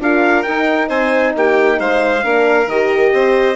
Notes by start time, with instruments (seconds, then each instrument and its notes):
0.00 bassoon D4, horn F4, violin A#4, trumpet F5
0.43 horn D#4, bassoon D#4, trumpet G5
0.89 bassoon C4, violin C5, trumpet G#5
1.36 bassoon A#3, violin G4, trumpet G5
1.80 bassoon G#3, violin C5, trumpet F5
2.23 bassoon A#3, horn D4, violin A#4
2.67 bassoon D#3, horn G4, trumpet D#5
3.13 bassoon C4, violin C5